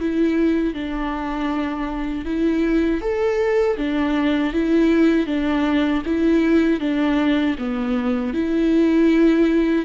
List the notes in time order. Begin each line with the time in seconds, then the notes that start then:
0.00 E4
0.74 D4
2.25 E4
3.01 A4
3.77 D4
4.53 E4
5.26 D4
6.06 E4
6.80 D4
7.58 B3
8.34 E4